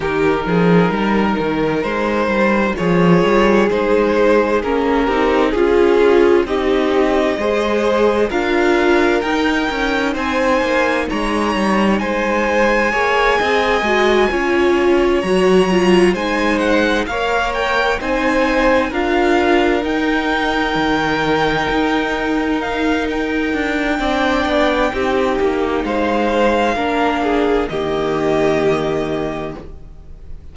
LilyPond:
<<
  \new Staff \with { instrumentName = "violin" } { \time 4/4 \tempo 4 = 65 ais'2 c''4 cis''4 | c''4 ais'4 gis'4 dis''4~ | dis''4 f''4 g''4 gis''4 | ais''4 gis''2.~ |
gis''8 ais''4 gis''8 fis''8 f''8 g''8 gis''8~ | gis''8 f''4 g''2~ g''8~ | g''8 f''8 g''2. | f''2 dis''2 | }
  \new Staff \with { instrumentName = "violin" } { \time 4/4 g'8 gis'8 ais'2 gis'4~ | gis'4. g'8 f'4 g'4 | c''4 ais'2 c''4 | cis''4 c''4 cis''8 dis''4 cis''8~ |
cis''4. c''4 cis''4 c''8~ | c''8 ais'2.~ ais'8~ | ais'2 d''4 g'4 | c''4 ais'8 gis'8 g'2 | }
  \new Staff \with { instrumentName = "viola" } { \time 4/4 dis'2. f'4 | dis'4 cis'8 dis'8 f'4 dis'4 | gis'4 f'4 dis'2~ | dis'2 gis'4 fis'8 f'8~ |
f'8 fis'8 f'8 dis'4 ais'4 dis'8~ | dis'8 f'4 dis'2~ dis'8~ | dis'2 d'4 dis'4~ | dis'4 d'4 ais2 | }
  \new Staff \with { instrumentName = "cello" } { \time 4/4 dis8 f8 g8 dis8 gis8 g8 f8 g8 | gis4 ais8 c'8 cis'4 c'4 | gis4 d'4 dis'8 cis'8 c'8 ais8 | gis8 g8 gis4 ais8 c'8 gis8 cis'8~ |
cis'8 fis4 gis4 ais4 c'8~ | c'8 d'4 dis'4 dis4 dis'8~ | dis'4. d'8 c'8 b8 c'8 ais8 | gis4 ais4 dis2 | }
>>